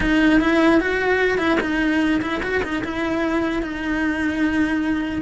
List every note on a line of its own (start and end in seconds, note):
0.00 0.40 D#4
0.40 0.80 E4
0.80 1.38 F#4
1.38 1.58 E4
1.60 2.21 D#4
2.21 2.41 E4
2.42 2.62 F#4
2.63 2.83 D#4
2.84 3.62 E4
3.62 5.21 D#4